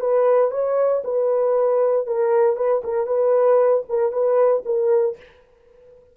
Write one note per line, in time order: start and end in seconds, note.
0.00 0.51 B4
0.51 1.02 C#5
1.04 2.07 B4
2.07 2.56 A#4
2.56 2.82 B4
2.84 3.07 A#4
3.07 3.83 B4
3.89 4.12 A#4
4.12 4.63 B4
4.65 5.16 A#4